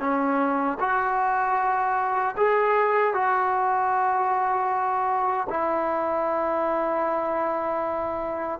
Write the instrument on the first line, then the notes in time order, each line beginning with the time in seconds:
trombone
0.00 C#4
0.80 F#4
2.37 G#4
3.14 F#4
5.49 E4